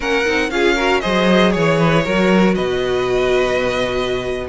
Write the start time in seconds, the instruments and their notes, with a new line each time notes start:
0.00 cello A#3, viola C#4, violin A#4 F#5
0.25 cello C4, viola D#4
0.50 cello C#4, viola F4, violin G#4 F5
0.75 viola F#4, violin A#4
1.00 cello F#3, viola G#4, violin C5 D#5
1.51 cello E3, violin C#5
1.78 violin B4
2.04 cello F#3, viola F#4, violin A#4
2.54 cello B2, violin B4 D#5